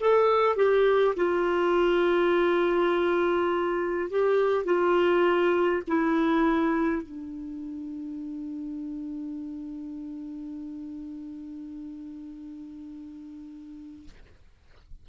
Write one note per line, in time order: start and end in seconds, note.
0.00 0.56 A4
0.56 1.15 G4
1.16 4.10 F4
4.10 4.65 G4
4.65 5.83 F4
5.88 7.03 E4
7.03 14.09 D4